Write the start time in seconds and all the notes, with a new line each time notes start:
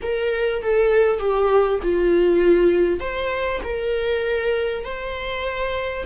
0.02 A#4
0.62 A4
1.19 G4
1.82 F4
2.99 C5
3.63 A#4
4.84 C5